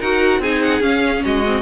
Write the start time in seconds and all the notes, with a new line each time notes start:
0.00 D#4 F#4 A#4 F#5
0.39 C4 D#4 G#4 G#5
0.62 F#5
0.81 C#4 F5
1.25 G#3 F#4 D#5
1.47 C4